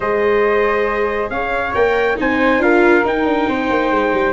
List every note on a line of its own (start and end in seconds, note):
0.00 1.30 G#3
0.00 1.75 G#4
0.00 1.30 C5
0.00 1.30 D#5
1.30 1.73 C#4
1.30 2.18 C#5
1.30 1.73 F5
1.74 2.18 A#3
1.74 2.16 A#4
1.74 2.17 G5
2.16 2.58 C4
2.16 2.59 D#4
2.16 2.62 C5
2.16 2.62 G#5
2.58 3.01 D4
2.58 3.03 F4
2.58 3.48 A#4
2.58 3.05 F5
3.04 4.33 D#4
3.04 3.25 D#4
3.04 4.33 G5
3.25 3.47 D4
3.48 3.69 C4
3.48 4.33 C5
3.70 3.90 A#3
3.90 4.12 G#3
4.13 4.33 G3